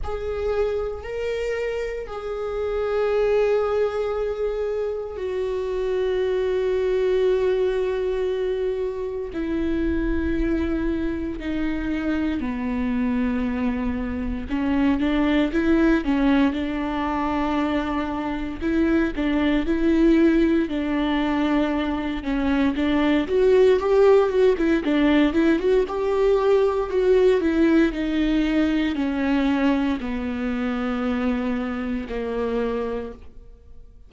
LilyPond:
\new Staff \with { instrumentName = "viola" } { \time 4/4 \tempo 4 = 58 gis'4 ais'4 gis'2~ | gis'4 fis'2.~ | fis'4 e'2 dis'4 | b2 cis'8 d'8 e'8 cis'8 |
d'2 e'8 d'8 e'4 | d'4. cis'8 d'8 fis'8 g'8 fis'16 e'16 | d'8 e'16 fis'16 g'4 fis'8 e'8 dis'4 | cis'4 b2 ais4 | }